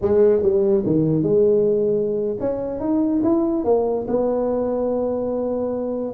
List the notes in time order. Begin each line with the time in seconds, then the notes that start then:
0.01 G#3
0.42 G3
0.86 D#3
1.22 G#3
2.40 C#4
2.80 D#4
3.23 E4
3.64 A#3
4.07 B3